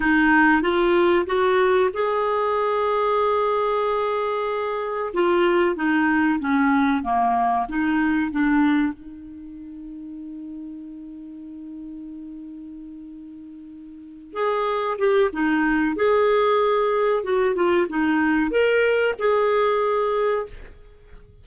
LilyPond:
\new Staff \with { instrumentName = "clarinet" } { \time 4/4 \tempo 4 = 94 dis'4 f'4 fis'4 gis'4~ | gis'1 | f'4 dis'4 cis'4 ais4 | dis'4 d'4 dis'2~ |
dis'1~ | dis'2~ dis'8 gis'4 g'8 | dis'4 gis'2 fis'8 f'8 | dis'4 ais'4 gis'2 | }